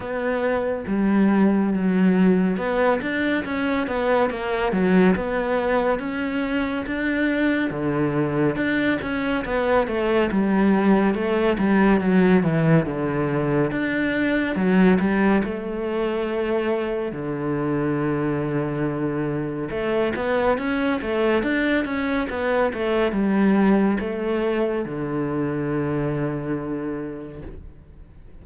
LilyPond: \new Staff \with { instrumentName = "cello" } { \time 4/4 \tempo 4 = 70 b4 g4 fis4 b8 d'8 | cis'8 b8 ais8 fis8 b4 cis'4 | d'4 d4 d'8 cis'8 b8 a8 | g4 a8 g8 fis8 e8 d4 |
d'4 fis8 g8 a2 | d2. a8 b8 | cis'8 a8 d'8 cis'8 b8 a8 g4 | a4 d2. | }